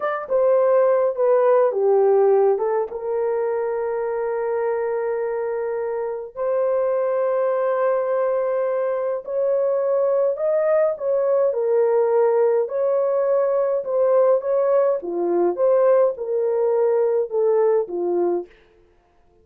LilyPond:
\new Staff \with { instrumentName = "horn" } { \time 4/4 \tempo 4 = 104 d''8 c''4. b'4 g'4~ | g'8 a'8 ais'2.~ | ais'2. c''4~ | c''1 |
cis''2 dis''4 cis''4 | ais'2 cis''2 | c''4 cis''4 f'4 c''4 | ais'2 a'4 f'4 | }